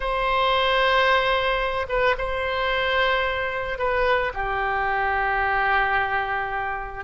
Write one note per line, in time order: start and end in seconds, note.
0.00 1.86 C5
1.88 2.15 B4
2.18 3.78 C5
3.78 4.32 B4
4.34 7.04 G4